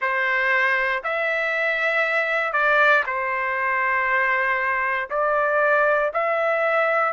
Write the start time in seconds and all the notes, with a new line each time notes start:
0.01 C5
1.03 E5
2.52 D5
3.06 C5
5.09 D5
6.13 E5